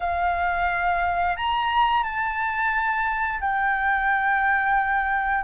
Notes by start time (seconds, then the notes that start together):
0.00 F5
1.36 A#5
2.03 A5
3.40 G5